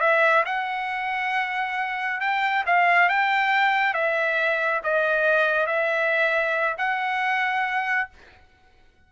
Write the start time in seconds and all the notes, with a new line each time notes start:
0.00 E5
0.45 F#5
2.20 G5
2.66 F5
3.09 G5
3.94 E5
4.83 D#5
5.66 E5
6.78 F#5